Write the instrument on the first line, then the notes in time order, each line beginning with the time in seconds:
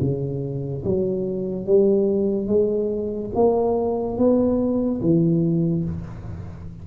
tuba
0.00 C#3
0.84 F#3
1.66 G3
2.47 G#3
3.34 A#3
4.17 B3
5.01 E3